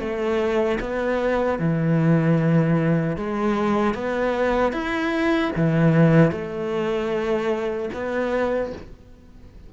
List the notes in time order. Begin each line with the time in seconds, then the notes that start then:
0.00 A3
0.81 B3
1.60 E3
3.17 G#3
3.95 B3
4.73 E4
5.57 E3
6.32 A3
7.94 B3